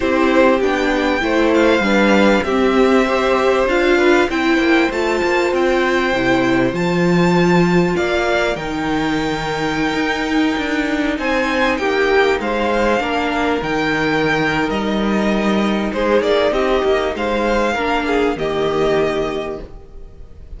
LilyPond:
<<
  \new Staff \with { instrumentName = "violin" } { \time 4/4 \tempo 4 = 98 c''4 g''4. f''4. | e''2 f''4 g''4 | a''4 g''2 a''4~ | a''4 f''4 g''2~ |
g''2~ g''16 gis''4 g''8.~ | g''16 f''2 g''4.~ g''16 | dis''2 c''8 d''8 dis''4 | f''2 dis''2 | }
  \new Staff \with { instrumentName = "violin" } { \time 4/4 g'2 c''4 b'4 | g'4 c''4. b'8 c''4~ | c''1~ | c''4 d''4 ais'2~ |
ais'2~ ais'16 c''4 g'8.~ | g'16 c''4 ais'2~ ais'8.~ | ais'2 gis'4 g'4 | c''4 ais'8 gis'8 g'2 | }
  \new Staff \with { instrumentName = "viola" } { \time 4/4 e'4 d'4 e'4 d'4 | c'4 g'4 f'4 e'4 | f'2 e'4 f'4~ | f'2 dis'2~ |
dis'1~ | dis'4~ dis'16 d'4 dis'4.~ dis'16~ | dis'1~ | dis'4 d'4 ais2 | }
  \new Staff \with { instrumentName = "cello" } { \time 4/4 c'4 b4 a4 g4 | c'2 d'4 c'8 ais8 | a8 ais8 c'4 c4 f4~ | f4 ais4 dis2~ |
dis16 dis'4 d'4 c'4 ais8.~ | ais16 gis4 ais4 dis4.~ dis16 | g2 gis8 ais8 c'8 ais8 | gis4 ais4 dis2 | }
>>